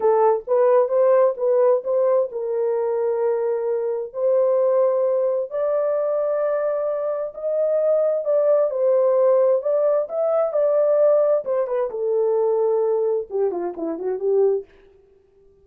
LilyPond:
\new Staff \with { instrumentName = "horn" } { \time 4/4 \tempo 4 = 131 a'4 b'4 c''4 b'4 | c''4 ais'2.~ | ais'4 c''2. | d''1 |
dis''2 d''4 c''4~ | c''4 d''4 e''4 d''4~ | d''4 c''8 b'8 a'2~ | a'4 g'8 f'8 e'8 fis'8 g'4 | }